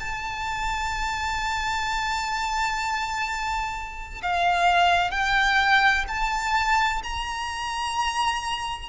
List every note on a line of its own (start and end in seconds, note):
0.00 4.22 A5
4.22 5.11 F5
5.11 6.05 G5
6.09 7.02 A5
7.03 8.89 A#5